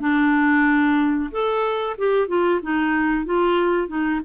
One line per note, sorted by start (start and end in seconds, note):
0.00 1.30 D4
1.32 1.97 A4
1.98 2.28 G4
2.28 2.61 F4
2.62 3.25 D#4
3.25 3.88 F4
3.88 4.21 D#4